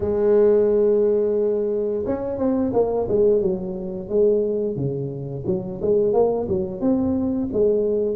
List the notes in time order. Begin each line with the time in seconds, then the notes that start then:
0.00 G#3
2.06 C#4
2.38 C4
2.73 A#3
3.08 G#3
3.41 F#3
4.08 G#3
4.76 C#3
5.46 F#3
5.81 G#3
6.13 A#3
6.48 F#3
6.80 C4
7.52 G#3